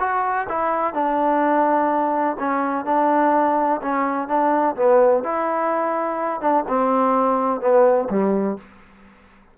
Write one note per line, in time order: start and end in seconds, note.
0.00 0.48 F#4
0.49 0.94 E4
0.94 2.37 D4
2.40 2.86 C#4
2.86 3.81 D4
3.82 4.28 C#4
4.28 4.76 D4
4.76 5.24 B3
5.24 6.41 E4
6.41 6.65 D4
6.68 7.61 C4
7.61 8.09 B3
8.10 8.58 G3